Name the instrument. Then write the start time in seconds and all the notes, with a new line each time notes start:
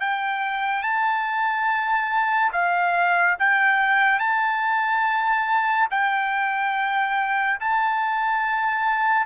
trumpet
0.00 G5
0.83 A5
2.52 F5
3.39 G5
4.19 A5
5.90 G5
7.60 A5